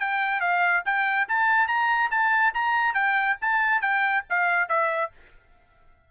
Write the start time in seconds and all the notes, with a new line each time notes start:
0.00 G5
0.41 F5
0.85 G5
1.29 A5
1.68 A#5
2.11 A5
2.54 A#5
2.95 G5
3.41 A5
3.82 G5
4.30 F5
4.69 E5